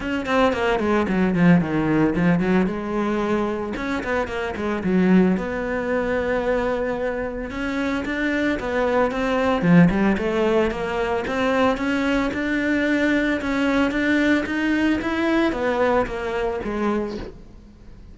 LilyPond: \new Staff \with { instrumentName = "cello" } { \time 4/4 \tempo 4 = 112 cis'8 c'8 ais8 gis8 fis8 f8 dis4 | f8 fis8 gis2 cis'8 b8 | ais8 gis8 fis4 b2~ | b2 cis'4 d'4 |
b4 c'4 f8 g8 a4 | ais4 c'4 cis'4 d'4~ | d'4 cis'4 d'4 dis'4 | e'4 b4 ais4 gis4 | }